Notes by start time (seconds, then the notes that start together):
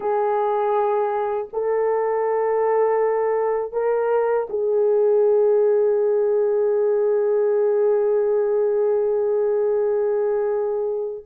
0.00 G#4
1.52 A4
3.72 A#4
4.49 G#4